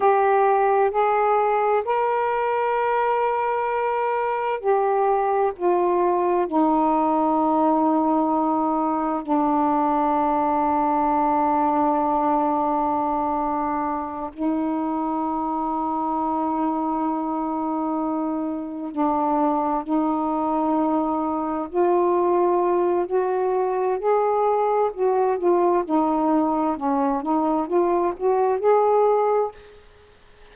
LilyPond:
\new Staff \with { instrumentName = "saxophone" } { \time 4/4 \tempo 4 = 65 g'4 gis'4 ais'2~ | ais'4 g'4 f'4 dis'4~ | dis'2 d'2~ | d'2.~ d'8 dis'8~ |
dis'1~ | dis'8 d'4 dis'2 f'8~ | f'4 fis'4 gis'4 fis'8 f'8 | dis'4 cis'8 dis'8 f'8 fis'8 gis'4 | }